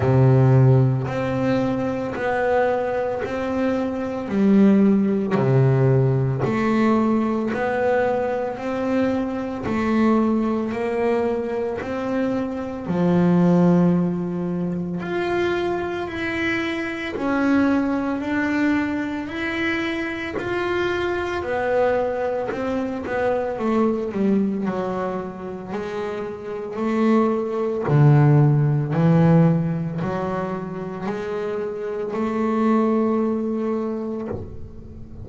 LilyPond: \new Staff \with { instrumentName = "double bass" } { \time 4/4 \tempo 4 = 56 c4 c'4 b4 c'4 | g4 c4 a4 b4 | c'4 a4 ais4 c'4 | f2 f'4 e'4 |
cis'4 d'4 e'4 f'4 | b4 c'8 b8 a8 g8 fis4 | gis4 a4 d4 e4 | fis4 gis4 a2 | }